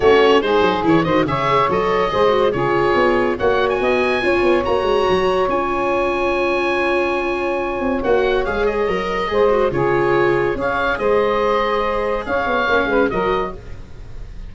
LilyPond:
<<
  \new Staff \with { instrumentName = "oboe" } { \time 4/4 \tempo 4 = 142 cis''4 c''4 cis''8 dis''8 e''4 | dis''2 cis''2 | fis''8. gis''2~ gis''16 ais''4~ | ais''4 gis''2.~ |
gis''2. fis''4 | f''8 dis''2~ dis''8 cis''4~ | cis''4 f''4 dis''2~ | dis''4 f''2 dis''4 | }
  \new Staff \with { instrumentName = "saxophone" } { \time 4/4 fis'4 gis'4. c''8 cis''4~ | cis''4 c''4 gis'2 | cis''4 dis''4 cis''2~ | cis''1~ |
cis''1~ | cis''2 c''4 gis'4~ | gis'4 cis''4 c''2~ | c''4 cis''4. b'8 ais'4 | }
  \new Staff \with { instrumentName = "viola" } { \time 4/4 cis'4 dis'4 e'8 fis'8 gis'4 | a'4 gis'8 fis'8 f'2 | fis'2 f'4 fis'4~ | fis'4 f'2.~ |
f'2. fis'4 | gis'4 ais'4 gis'8 fis'8 f'4~ | f'4 gis'2.~ | gis'2 cis'4 fis'4 | }
  \new Staff \with { instrumentName = "tuba" } { \time 4/4 a4 gis8 fis8 e8 dis8 cis4 | fis4 gis4 cis4 b4 | ais4 b4 cis'8 b8 ais8 gis8 | fis4 cis'2.~ |
cis'2~ cis'8 c'8 ais4 | gis4 fis4 gis4 cis4~ | cis4 cis'4 gis2~ | gis4 cis'8 b8 ais8 gis8 fis4 | }
>>